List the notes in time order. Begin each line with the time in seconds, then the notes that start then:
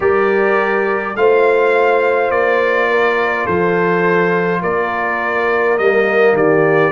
0.00 G3 G4 A#4 D5
1.15 A3 F4 C5 F5
2.30 A#3 D5
2.90 A#4
3.45 F3 A4 C5
4.61 A#3 A#4 D5
5.78 G3 A#3 D#5
6.32 D#3 G4 D5